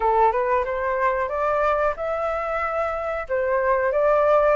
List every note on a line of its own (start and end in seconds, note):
0.00 0.31 A4
0.31 0.64 B4
0.65 1.28 C5
1.28 1.94 D5
1.96 3.26 E5
3.28 3.92 C5
3.92 4.56 D5